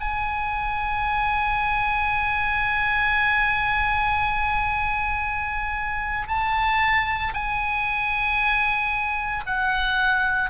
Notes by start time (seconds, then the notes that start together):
0.00 G#5
6.28 A5
7.34 G#5
9.46 F#5